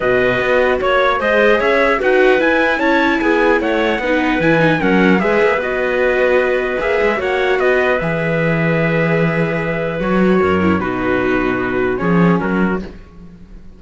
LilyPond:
<<
  \new Staff \with { instrumentName = "trumpet" } { \time 4/4 \tempo 4 = 150 dis''2 cis''4 dis''4 | e''4 fis''4 gis''4 a''4 | gis''4 fis''2 gis''4 | fis''4 e''4 dis''2~ |
dis''4 e''4 fis''4 dis''4 | e''1~ | e''4 cis''2 b'4~ | b'2 cis''4 ais'4 | }
  \new Staff \with { instrumentName = "clarinet" } { \time 4/4 b'2 cis''4 c''4 | cis''4 b'2 cis''4 | gis'4 cis''4 b'2 | ais'4 b'2.~ |
b'2 cis''4 b'4~ | b'1~ | b'2 ais'4 fis'4~ | fis'2 gis'4 fis'4 | }
  \new Staff \with { instrumentName = "viola" } { \time 4/4 fis'2. gis'4~ | gis'4 fis'4 e'2~ | e'2 dis'4 e'8 dis'8 | cis'4 gis'4 fis'2~ |
fis'4 gis'4 fis'2 | gis'1~ | gis'4 fis'4. e'8 dis'4~ | dis'2 cis'2 | }
  \new Staff \with { instrumentName = "cello" } { \time 4/4 b,4 b4 ais4 gis4 | cis'4 dis'4 e'4 cis'4 | b4 a4 b4 e4 | fis4 gis8 ais8 b2~ |
b4 ais8 gis8 ais4 b4 | e1~ | e4 fis4 fis,4 b,4~ | b,2 f4 fis4 | }
>>